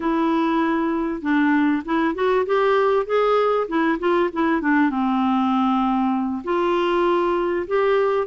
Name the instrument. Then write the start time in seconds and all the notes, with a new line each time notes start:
clarinet
0.00 E4
1.21 D4
1.85 E4
2.14 F#4
2.46 G4
3.06 G#4
3.67 E4
3.99 F4
4.32 E4
4.61 D4
4.90 C4
6.43 F4
7.67 G4